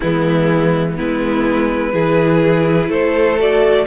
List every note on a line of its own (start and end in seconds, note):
0.00 0.99 E3
0.00 0.96 G#3
0.00 0.97 B3
0.00 0.96 E4
0.96 1.93 G#3
0.96 1.93 B3
0.96 1.93 E4
0.96 2.91 B4
1.93 2.89 E3
1.93 3.38 E4
1.93 2.89 G#4
2.89 3.86 A3
2.89 3.86 A4
2.89 3.39 C5
3.38 3.86 F#4
3.38 3.86 D5